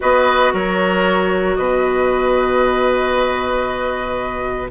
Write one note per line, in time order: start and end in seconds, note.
0.00 0.53 B3
0.00 4.67 F#4
0.00 0.53 B4
0.00 0.53 D#5
0.53 1.57 F#3
0.53 1.57 A#4
0.53 1.55 C#5
1.55 4.70 B2
1.55 4.70 B4
1.55 4.68 D#5